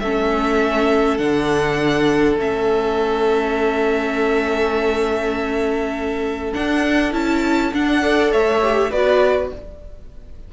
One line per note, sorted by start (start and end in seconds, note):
0.00 1.19 A3
0.00 1.19 C#4
0.00 8.02 A4
0.00 1.18 E5
1.18 2.38 D3
1.18 2.37 D4
1.18 2.37 F#5
2.38 6.54 A3
2.38 6.53 C#4
2.38 6.54 E5
6.53 7.13 D4
6.53 7.13 F#5
7.13 7.72 C#4
7.13 7.72 E4
7.13 7.73 A5
7.73 8.02 D4
7.73 8.33 D4
7.73 8.33 F#5
8.02 8.62 A4
8.02 8.32 D5
8.32 8.92 A3
8.32 8.91 C#5
8.32 8.92 E5
8.62 8.92 G4
8.91 9.51 B3
8.91 9.53 F#4
8.91 9.50 B4
8.91 9.51 D5